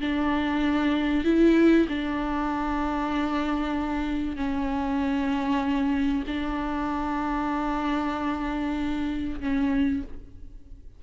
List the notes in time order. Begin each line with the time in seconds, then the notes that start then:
0.00 D4
1.24 E4
1.88 D4
4.36 C#4
6.27 D4
9.40 C#4